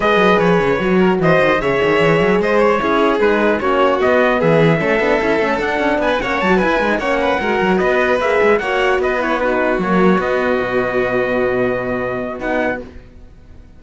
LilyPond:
<<
  \new Staff \with { instrumentName = "trumpet" } { \time 4/4 \tempo 4 = 150 dis''4 cis''2 dis''4 | e''2 dis''8 cis''4. | b'4 cis''4 dis''4 e''4~ | e''2 fis''4 gis''8 fis''8 |
a''8 gis''4 fis''2 dis''8~ | dis''8 e''4 fis''4 dis''8 cis''8 b'8~ | b'8 cis''4 dis''2~ dis''8~ | dis''2. fis''4 | }
  \new Staff \with { instrumentName = "violin" } { \time 4/4 b'2~ b'8 ais'8 c''4 | cis''2 c''4 gis'4~ | gis'4 fis'2 gis'4 | a'2. b'8 cis''8~ |
cis''8 b'4 cis''8 b'8 ais'4 b'8~ | b'4. cis''4 b'4 fis'8~ | fis'1~ | fis'1 | }
  \new Staff \with { instrumentName = "horn" } { \time 4/4 gis'2 fis'2 | gis'2. e'4 | dis'4 cis'4 b2 | cis'8 d'8 e'8 cis'8 d'4. cis'8 |
fis'8 e'8 dis'8 cis'4 fis'4.~ | fis'8 gis'4 fis'4. e'8 dis'8~ | dis'8 ais4 b2~ b8~ | b2. dis'4 | }
  \new Staff \with { instrumentName = "cello" } { \time 4/4 gis8 fis8 f8 cis8 fis4 e8 dis8 | cis8 dis8 e8 fis8 gis4 cis'4 | gis4 ais4 b4 e4 | a8 b8 cis'8 a8 d'8 cis'8 b8 ais8 |
fis8 e'8 gis8 ais4 gis8 fis8 b8~ | b8 ais8 gis8 ais4 b4.~ | b8 fis4 b4 b,4.~ | b,2. b4 | }
>>